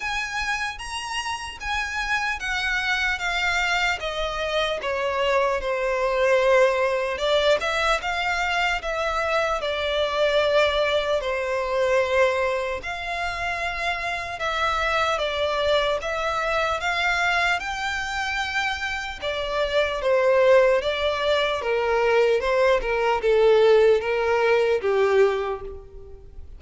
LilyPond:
\new Staff \with { instrumentName = "violin" } { \time 4/4 \tempo 4 = 75 gis''4 ais''4 gis''4 fis''4 | f''4 dis''4 cis''4 c''4~ | c''4 d''8 e''8 f''4 e''4 | d''2 c''2 |
f''2 e''4 d''4 | e''4 f''4 g''2 | d''4 c''4 d''4 ais'4 | c''8 ais'8 a'4 ais'4 g'4 | }